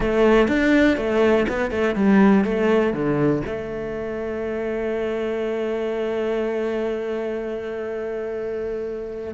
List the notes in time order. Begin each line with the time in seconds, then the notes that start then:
0.00 A3
0.48 D4
0.97 A3
1.48 B3
1.70 A3
1.95 G3
2.44 A3
2.93 D3
3.46 A3